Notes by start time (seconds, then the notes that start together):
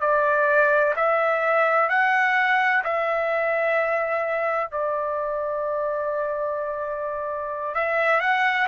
0.00 D5
0.96 E5
1.89 F#5
2.84 E5
4.71 D5
7.74 E5
8.20 F#5